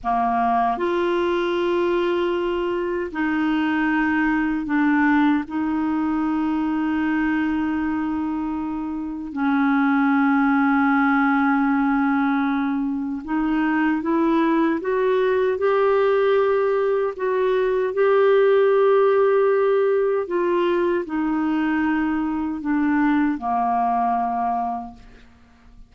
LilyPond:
\new Staff \with { instrumentName = "clarinet" } { \time 4/4 \tempo 4 = 77 ais4 f'2. | dis'2 d'4 dis'4~ | dis'1 | cis'1~ |
cis'4 dis'4 e'4 fis'4 | g'2 fis'4 g'4~ | g'2 f'4 dis'4~ | dis'4 d'4 ais2 | }